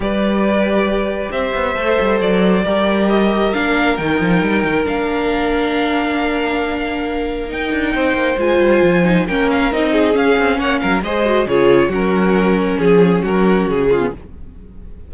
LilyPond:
<<
  \new Staff \with { instrumentName = "violin" } { \time 4/4 \tempo 4 = 136 d''2. e''4~ | e''4 d''2 dis''4 | f''4 g''2 f''4~ | f''1~ |
f''4 g''2 gis''4~ | gis''4 g''8 f''8 dis''4 f''4 | fis''8 f''8 dis''4 cis''4 ais'4~ | ais'4 gis'4 ais'4 gis'4 | }
  \new Staff \with { instrumentName = "violin" } { \time 4/4 b'2. c''4~ | c''2 ais'2~ | ais'1~ | ais'1~ |
ais'2 c''2~ | c''4 ais'4. gis'4. | cis''8 ais'8 c''4 gis'4 fis'4~ | fis'4 gis'4 fis'4. f'8 | }
  \new Staff \with { instrumentName = "viola" } { \time 4/4 g'1 | a'2 g'2 | d'4 dis'2 d'4~ | d'1~ |
d'4 dis'2 f'4~ | f'8 dis'8 cis'4 dis'4 cis'4~ | cis'4 gis'8 fis'8 f'4 cis'4~ | cis'2.~ cis'8. b16 | }
  \new Staff \with { instrumentName = "cello" } { \time 4/4 g2. c'8 b8 | a8 g8 fis4 g2 | ais4 dis8 f8 g8 dis8 ais4~ | ais1~ |
ais4 dis'8 d'8 c'8 ais8 gis8 g8 | f4 ais4 c'4 cis'8 c'8 | ais8 fis8 gis4 cis4 fis4~ | fis4 f4 fis4 cis4 | }
>>